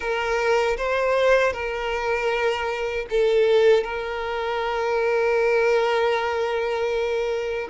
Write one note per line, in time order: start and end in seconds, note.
0.00 0.76 A#4
0.77 1.52 C5
1.52 3.06 A#4
3.10 3.83 A4
3.83 7.68 A#4